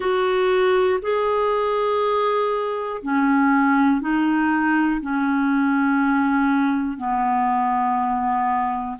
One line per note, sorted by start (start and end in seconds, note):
0.00 1.00 F#4
1.01 3.01 G#4
3.02 4.00 C#4
4.00 5.00 D#4
5.01 6.97 C#4
6.97 8.97 B3